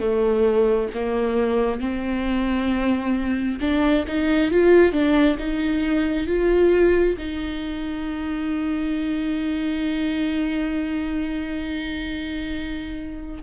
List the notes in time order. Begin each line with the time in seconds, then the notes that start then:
0.00 A3
0.94 A#3
1.80 C4
3.61 D4
4.07 D#4
4.51 F4
4.92 D4
5.39 D#4
6.27 F4
7.18 D#4